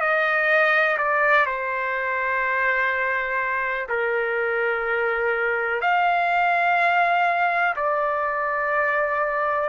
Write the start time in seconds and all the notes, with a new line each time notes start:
0.00 D#5
0.97 D5
1.46 C5
3.88 A#4
5.81 F5
7.76 D5